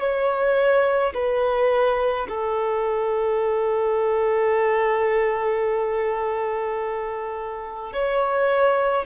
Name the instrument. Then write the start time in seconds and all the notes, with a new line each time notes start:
violin
0.00 C#5
1.14 B4
2.28 A4
7.92 C#5